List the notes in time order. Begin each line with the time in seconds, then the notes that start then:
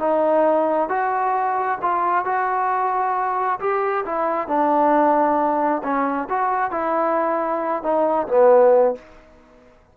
0.00 D#4
0.90 F#4
1.83 F4
2.25 F#4
3.60 G4
4.06 E4
4.48 D4
5.84 C#4
6.30 F#4
6.72 E4
7.83 D#4
8.28 B3